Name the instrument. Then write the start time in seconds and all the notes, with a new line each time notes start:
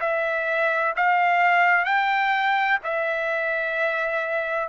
trumpet
0.00 E5
0.96 F5
1.85 G5
2.83 E5